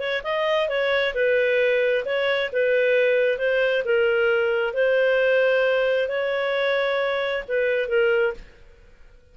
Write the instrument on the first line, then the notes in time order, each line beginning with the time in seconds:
clarinet
0.00 C#5
0.24 D#5
0.69 C#5
1.15 B4
2.06 C#5
2.53 B4
3.39 C5
3.85 A#4
4.74 C5
6.09 C#5
7.48 B4
7.89 A#4